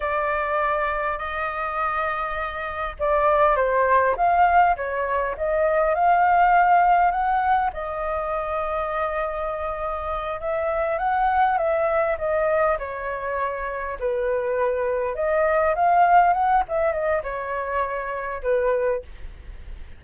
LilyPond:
\new Staff \with { instrumentName = "flute" } { \time 4/4 \tempo 4 = 101 d''2 dis''2~ | dis''4 d''4 c''4 f''4 | cis''4 dis''4 f''2 | fis''4 dis''2.~ |
dis''4. e''4 fis''4 e''8~ | e''8 dis''4 cis''2 b'8~ | b'4. dis''4 f''4 fis''8 | e''8 dis''8 cis''2 b'4 | }